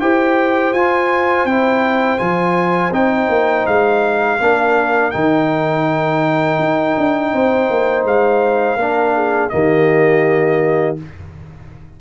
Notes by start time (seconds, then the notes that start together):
0.00 E4 G4 C5 G5
0.72 F4 G#5
1.45 C4 E4 G5
2.18 F3 F4 G#5
2.92 C4 D#4 G5
3.29 A#3
3.67 G#3 F5
4.40 A#3 D4 A#4
5.11 D#3 D#4 G5
6.59 D#4
6.98 D4
7.33 C4 C5
7.70 A#3
8.05 G#3 F5
8.76 A#3 D4 A#4
9.16 G#4
9.49 D#3 A#3 G4 D#5